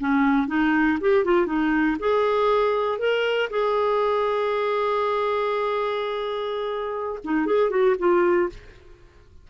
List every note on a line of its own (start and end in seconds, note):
0.00 0.48 C#4
0.48 0.99 D#4
1.01 1.25 G4
1.25 1.47 F4
1.47 1.97 D#4
1.99 2.99 G#4
2.99 3.50 A#4
3.50 7.19 G#4
7.24 7.46 D#4
7.46 7.70 G#4
7.70 7.96 F#4
7.99 8.49 F4